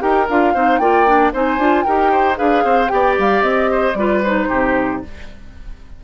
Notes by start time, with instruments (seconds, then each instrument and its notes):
0.00 bassoon D#4, clarinet G4, oboe A#4, flute G5
0.29 bassoon D4, clarinet F4, flute F5
0.54 bassoon C4, clarinet D#4, oboe C5
0.79 bassoon A#3, clarinet F4, oboe D5, flute G5
1.07 clarinet D4
1.33 bassoon C4, clarinet D#4, oboe C5, flute G#5
1.58 bassoon D4, clarinet F4
1.83 bassoon D#4, clarinet G4, oboe A#4, flute G5
2.12 oboe C5
2.35 bassoon D4, clarinet G#4, oboe B4, flute F5
2.65 bassoon C4, oboe C5
2.88 bassoon B3, clarinet G4, oboe D5, flute G5
3.19 bassoon G3, flute F5
3.42 bassoon C4, flute D#5
3.71 oboe C5
3.94 bassoon G3, clarinet F4, oboe B4, flute D5
4.23 clarinet D#4, flute C5
4.49 bassoon C3, oboe G4